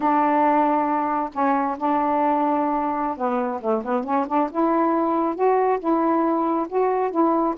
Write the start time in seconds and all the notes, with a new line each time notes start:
0.00 D4
1.33 C#4
1.78 D4
3.17 B3
3.61 A3
3.84 B3
4.04 C#4
4.27 D4
4.51 E4
5.35 F#4
5.79 E4
6.68 F#4
7.11 E4